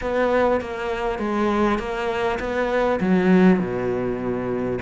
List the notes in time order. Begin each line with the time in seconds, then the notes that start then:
0.01 B3
0.60 A#3
1.18 G#3
1.78 A#3
2.39 B3
3.00 F#3
3.59 B2